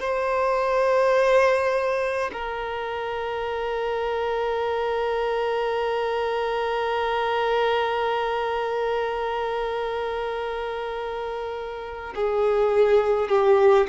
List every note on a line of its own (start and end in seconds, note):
0.00 2.31 C5
2.33 12.14 A#4
12.15 13.29 G#4
13.29 13.87 G4